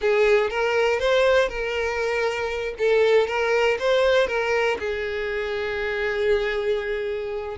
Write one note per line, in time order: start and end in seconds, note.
0.01 0.50 G#4
0.50 0.99 A#4
0.99 1.49 C5
1.49 2.75 A#4
2.78 3.27 A4
3.27 3.77 A#4
3.79 4.27 C5
4.27 4.77 A#4
4.79 7.56 G#4